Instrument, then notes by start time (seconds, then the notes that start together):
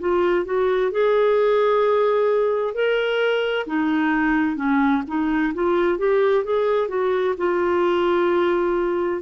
clarinet
0.00 F4
0.45 F#4
0.91 G#4
2.74 A#4
3.67 D#4
4.57 C#4
5.08 D#4
5.55 F4
5.99 G4
6.45 G#4
6.89 F#4
7.38 F4